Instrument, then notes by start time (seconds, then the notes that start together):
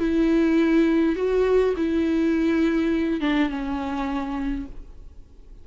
viola
0.00 E4
1.17 F#4
1.77 E4
3.21 D4
3.50 C#4